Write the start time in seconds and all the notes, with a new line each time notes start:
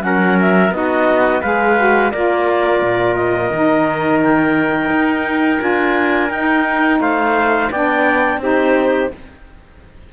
0.00 F#3 C#4 F#5
0.06 A#4
0.41 E5
0.71 B3 D#4 F#4 D#5
1.42 G#3 G#4 B4 F5
1.77 F#4
2.11 A#3 F4 A#4 D5
2.82 A#2
3.15 D#5
3.50 D#3 D#4
4.24 G5
4.90 D#4
5.59 D4 F4 G#5
6.31 D#4 G5
7.00 A3 C5 F5
7.71 B3 D4 D5 G5
8.37 C4 D#4 G4 C5